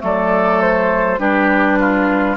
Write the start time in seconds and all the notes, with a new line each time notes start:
0.00 F#3 A3 A4 D5
0.62 C5
1.19 G3 D4 G4 B4
1.80 F4